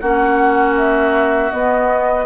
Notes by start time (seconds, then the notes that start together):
0.00 A#3 C#4 F#4 F#5
0.77 E5
1.51 B3 D#5